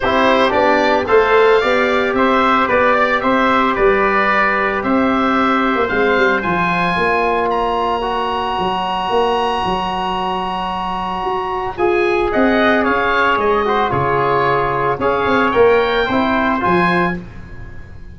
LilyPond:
<<
  \new Staff \with { instrumentName = "oboe" } { \time 4/4 \tempo 4 = 112 c''4 d''4 f''2 | e''4 d''4 e''4 d''4~ | d''4 e''2 f''4 | gis''2 ais''2~ |
ais''1~ | ais''2 gis''4 fis''4 | f''4 dis''4 cis''2 | f''4 g''2 gis''4 | }
  \new Staff \with { instrumentName = "trumpet" } { \time 4/4 g'2 c''4 d''4 | c''4 b'8 d''8 c''4 b'4~ | b'4 c''2.~ | c''4 cis''2.~ |
cis''1~ | cis''2. dis''4 | cis''4. c''8 gis'2 | cis''2 c''2 | }
  \new Staff \with { instrumentName = "trombone" } { \time 4/4 e'4 d'4 a'4 g'4~ | g'1~ | g'2. c'4 | f'2. fis'4~ |
fis'1~ | fis'2 gis'2~ | gis'4. fis'8 f'2 | gis'4 ais'4 e'4 f'4 | }
  \new Staff \with { instrumentName = "tuba" } { \time 4/4 c'4 b4 a4 b4 | c'4 b4 c'4 g4~ | g4 c'4.~ c'16 ais16 gis8 g8 | f4 ais2. |
fis4 ais4 fis2~ | fis4 fis'4 f'4 c'4 | cis'4 gis4 cis2 | cis'8 c'8 ais4 c'4 f4 | }
>>